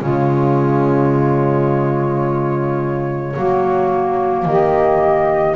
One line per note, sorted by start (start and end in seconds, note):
0.00 3.35 C#3
0.00 3.35 G#3
0.00 3.33 F4
0.00 4.45 C#5
3.36 4.45 F#3
3.36 5.56 A#3
3.36 4.46 F#4
4.45 5.56 D#3
4.45 5.56 G4
4.45 5.56 D#5